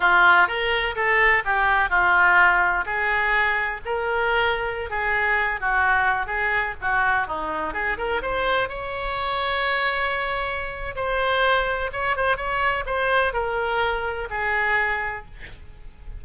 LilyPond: \new Staff \with { instrumentName = "oboe" } { \time 4/4 \tempo 4 = 126 f'4 ais'4 a'4 g'4 | f'2 gis'2 | ais'2~ ais'16 gis'4. fis'16~ | fis'4~ fis'16 gis'4 fis'4 dis'8.~ |
dis'16 gis'8 ais'8 c''4 cis''4.~ cis''16~ | cis''2. c''4~ | c''4 cis''8 c''8 cis''4 c''4 | ais'2 gis'2 | }